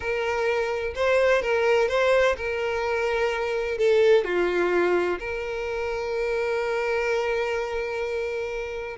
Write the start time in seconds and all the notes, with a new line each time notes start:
0.00 A#4
0.95 C5
1.42 A#4
1.88 C5
2.36 A#4
3.78 A4
4.24 F4
5.19 A#4